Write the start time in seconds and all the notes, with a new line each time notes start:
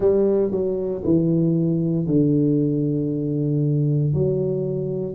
0.00 G3
0.51 F#3
1.04 E3
2.06 D3
4.13 F#3